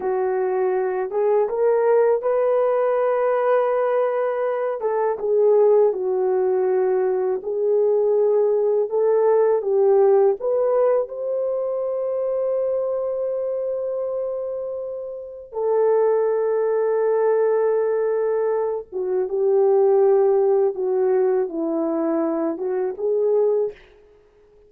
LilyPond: \new Staff \with { instrumentName = "horn" } { \time 4/4 \tempo 4 = 81 fis'4. gis'8 ais'4 b'4~ | b'2~ b'8 a'8 gis'4 | fis'2 gis'2 | a'4 g'4 b'4 c''4~ |
c''1~ | c''4 a'2.~ | a'4. fis'8 g'2 | fis'4 e'4. fis'8 gis'4 | }